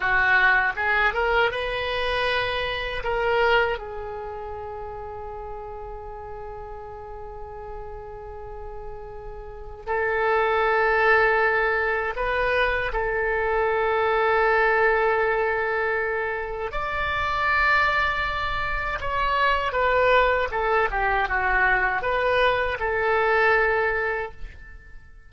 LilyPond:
\new Staff \with { instrumentName = "oboe" } { \time 4/4 \tempo 4 = 79 fis'4 gis'8 ais'8 b'2 | ais'4 gis'2.~ | gis'1~ | gis'4 a'2. |
b'4 a'2.~ | a'2 d''2~ | d''4 cis''4 b'4 a'8 g'8 | fis'4 b'4 a'2 | }